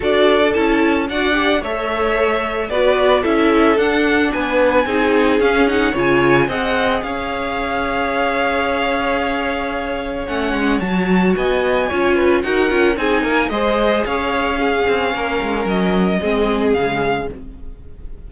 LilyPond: <<
  \new Staff \with { instrumentName = "violin" } { \time 4/4 \tempo 4 = 111 d''4 a''4 fis''4 e''4~ | e''4 d''4 e''4 fis''4 | gis''2 f''8 fis''8 gis''4 | fis''4 f''2.~ |
f''2. fis''4 | a''4 gis''2 fis''4 | gis''4 dis''4 f''2~ | f''4 dis''2 f''4 | }
  \new Staff \with { instrumentName = "violin" } { \time 4/4 a'2 d''4 cis''4~ | cis''4 b'4 a'2 | b'4 gis'2 cis''4 | dis''4 cis''2.~ |
cis''1~ | cis''4 dis''4 cis''8 b'8 ais'4 | gis'8 ais'8 c''4 cis''4 gis'4 | ais'2 gis'2 | }
  \new Staff \with { instrumentName = "viola" } { \time 4/4 fis'4 e'4 fis'8 g'8 a'4~ | a'4 fis'4 e'4 d'4~ | d'4 dis'4 cis'8 dis'8 f'4 | gis'1~ |
gis'2. cis'4 | fis'2 f'4 fis'8 f'8 | dis'4 gis'2 cis'4~ | cis'2 c'4 gis4 | }
  \new Staff \with { instrumentName = "cello" } { \time 4/4 d'4 cis'4 d'4 a4~ | a4 b4 cis'4 d'4 | b4 c'4 cis'4 cis4 | c'4 cis'2.~ |
cis'2. a8 gis8 | fis4 b4 cis'4 dis'8 cis'8 | c'8 ais8 gis4 cis'4. c'8 | ais8 gis8 fis4 gis4 cis4 | }
>>